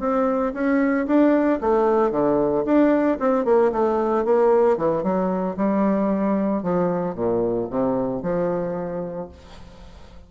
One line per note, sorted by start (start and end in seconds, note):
0.00 0.53 C4
0.54 1.07 C#4
1.07 1.60 D4
1.61 2.11 A3
2.11 2.65 D3
2.65 3.19 D4
3.20 3.45 C4
3.45 3.72 A#3
3.72 4.26 A3
4.26 4.77 A#3
4.77 5.03 E3
5.03 5.57 F#3
5.57 6.63 G3
6.63 7.15 F3
7.15 7.68 A#2
7.71 8.23 C3
8.23 9.29 F3